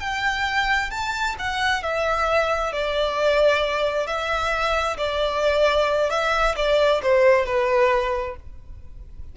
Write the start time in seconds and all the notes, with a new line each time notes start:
0.00 G5
0.90 A5
1.39 F#5
1.83 E5
2.72 D5
4.06 E5
4.97 D5
6.10 E5
6.56 D5
7.02 C5
7.45 B4